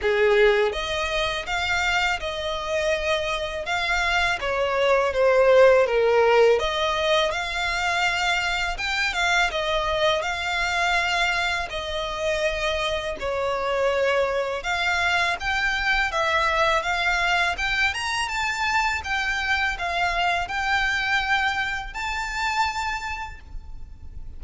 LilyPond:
\new Staff \with { instrumentName = "violin" } { \time 4/4 \tempo 4 = 82 gis'4 dis''4 f''4 dis''4~ | dis''4 f''4 cis''4 c''4 | ais'4 dis''4 f''2 | g''8 f''8 dis''4 f''2 |
dis''2 cis''2 | f''4 g''4 e''4 f''4 | g''8 ais''8 a''4 g''4 f''4 | g''2 a''2 | }